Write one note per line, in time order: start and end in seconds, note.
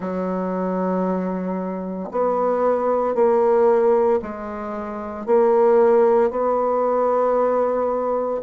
0.00 2.09 F#3
2.11 3.14 B3
3.14 4.20 A#3
4.22 5.26 G#3
5.26 6.30 A#3
6.30 8.41 B3